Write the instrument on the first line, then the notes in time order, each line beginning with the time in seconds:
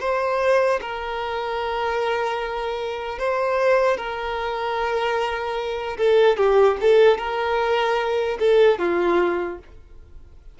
violin
0.00 C5
0.81 A#4
3.19 C5
3.97 A#4
5.97 A4
6.37 G4
6.81 A4
7.18 A#4
8.40 A4
8.79 F4